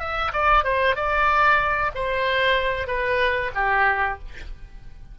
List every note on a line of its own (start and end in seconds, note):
0.00 0.32 E5
0.33 0.64 D5
0.64 0.96 C5
0.96 1.91 D5
1.95 2.88 C5
2.88 3.51 B4
3.55 4.19 G4